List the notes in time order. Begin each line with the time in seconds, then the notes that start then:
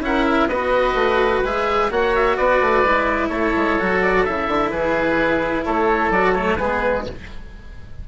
0.00 C#4 E4 A#4 F#5
0.25 E5
0.48 B3 F#4 B4 D#5
0.94 A3
1.43 G#3 G#4 E5
1.90 A#3 F#4 C#5 F#5
2.15 E5
2.36 B3 B4 D5
2.60 A3
2.84 G#3 E4
3.28 A3 A4 C#5
3.56 G#3
3.79 F#3 F#4
4.02 D5
4.24 C#3 E4 E5
4.47 D3
4.70 E3 G#4 B4
5.64 A3 A4 C#5
6.10 F#3 F#4 D5
6.32 A3 C#5
6.56 G#3 B3 G#4 B4